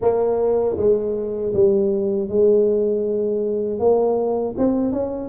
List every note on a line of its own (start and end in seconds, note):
0.01 0.77 A#3
0.77 1.53 G#3
1.53 2.29 G3
2.29 3.79 G#3
3.79 4.55 A#3
4.57 4.92 C4
4.92 5.29 C#4